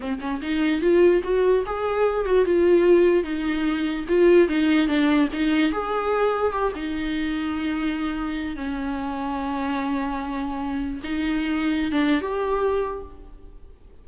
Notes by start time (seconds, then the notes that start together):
0.00 C4
0.20 C#4
0.42 D#4
0.81 F4
1.23 F#4
1.66 G#4
2.25 F#4
2.45 F4
3.23 D#4
4.08 F4
4.48 D#4
4.87 D4
5.32 D#4
5.72 G#4
6.52 G4
6.75 D#4
8.55 C#4
11.03 D#4
11.91 D4
12.21 G4